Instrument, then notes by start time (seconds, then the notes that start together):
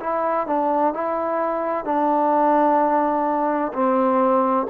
trombone
0.00 E4
0.47 D4
0.93 E4
1.85 D4
3.73 C4